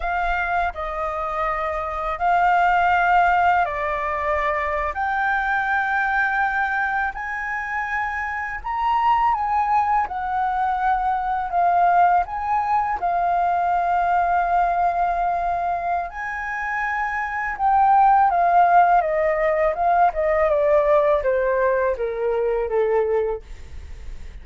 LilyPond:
\new Staff \with { instrumentName = "flute" } { \time 4/4 \tempo 4 = 82 f''4 dis''2 f''4~ | f''4 d''4.~ d''16 g''4~ g''16~ | g''4.~ g''16 gis''2 ais''16~ | ais''8. gis''4 fis''2 f''16~ |
f''8. gis''4 f''2~ f''16~ | f''2 gis''2 | g''4 f''4 dis''4 f''8 dis''8 | d''4 c''4 ais'4 a'4 | }